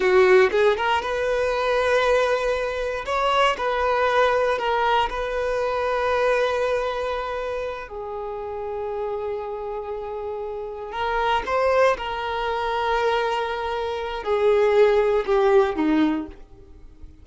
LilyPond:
\new Staff \with { instrumentName = "violin" } { \time 4/4 \tempo 4 = 118 fis'4 gis'8 ais'8 b'2~ | b'2 cis''4 b'4~ | b'4 ais'4 b'2~ | b'2.~ b'8 gis'8~ |
gis'1~ | gis'4. ais'4 c''4 ais'8~ | ais'1 | gis'2 g'4 dis'4 | }